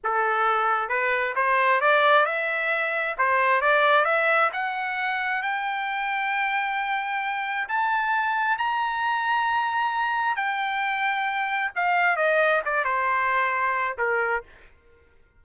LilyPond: \new Staff \with { instrumentName = "trumpet" } { \time 4/4 \tempo 4 = 133 a'2 b'4 c''4 | d''4 e''2 c''4 | d''4 e''4 fis''2 | g''1~ |
g''4 a''2 ais''4~ | ais''2. g''4~ | g''2 f''4 dis''4 | d''8 c''2~ c''8 ais'4 | }